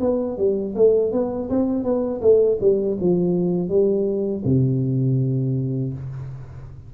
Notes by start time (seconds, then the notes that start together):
0.00 B3
0.37 G3
0.75 A3
1.12 B3
1.49 C4
1.83 B3
2.21 A3
2.60 G3
3.00 F3
3.69 G3
4.45 C3